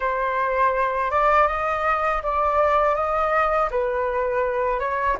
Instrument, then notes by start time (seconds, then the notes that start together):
flute
0.00 C5
1.10 D5
1.47 D#5
2.22 D5
2.95 D#5
3.70 B4
4.79 C#5